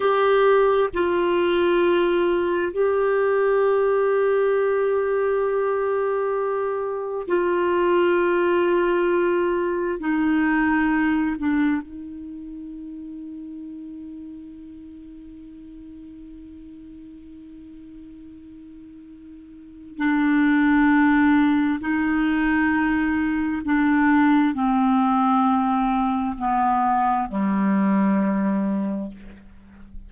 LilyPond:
\new Staff \with { instrumentName = "clarinet" } { \time 4/4 \tempo 4 = 66 g'4 f'2 g'4~ | g'1 | f'2. dis'4~ | dis'8 d'8 dis'2.~ |
dis'1~ | dis'2 d'2 | dis'2 d'4 c'4~ | c'4 b4 g2 | }